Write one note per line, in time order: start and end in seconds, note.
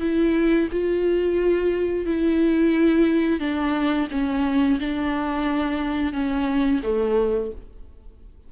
0.00 0.68 E4
0.71 2.05 F4
2.05 3.39 E4
3.39 4.08 D4
4.11 4.79 C#4
4.79 6.13 D4
6.13 6.81 C#4
6.83 7.51 A3